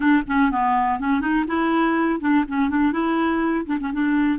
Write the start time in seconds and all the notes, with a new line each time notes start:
0.00 D4
0.27 C#4
0.51 B3
0.99 C#4
1.20 D#4
1.47 E4
2.20 D4
2.48 C#4
2.69 D4
2.92 E4
3.65 D4
3.80 C#4
3.93 D4